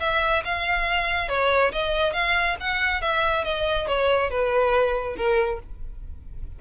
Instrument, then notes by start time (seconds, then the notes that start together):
violin
0.00 E5
0.45 F5
1.29 C#5
1.72 D#5
2.13 F5
2.60 F#5
3.02 E5
3.44 D#5
3.88 C#5
4.30 B4
5.16 A#4